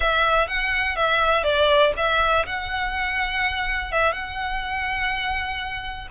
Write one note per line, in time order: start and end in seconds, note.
0.00 0.47 E5
0.47 0.96 F#5
0.96 1.43 E5
1.43 1.92 D5
1.96 2.45 E5
2.46 3.92 F#5
3.92 4.12 E5
4.12 6.07 F#5